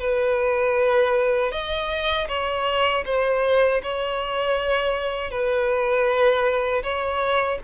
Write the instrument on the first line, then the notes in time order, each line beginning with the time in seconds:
violin
0.00 B4
1.52 D#5
2.29 C#5
3.06 C5
3.83 C#5
5.31 B4
6.83 C#5